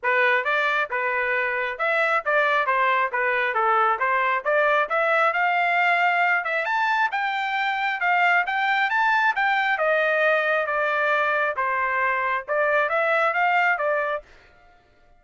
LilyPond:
\new Staff \with { instrumentName = "trumpet" } { \time 4/4 \tempo 4 = 135 b'4 d''4 b'2 | e''4 d''4 c''4 b'4 | a'4 c''4 d''4 e''4 | f''2~ f''8 e''8 a''4 |
g''2 f''4 g''4 | a''4 g''4 dis''2 | d''2 c''2 | d''4 e''4 f''4 d''4 | }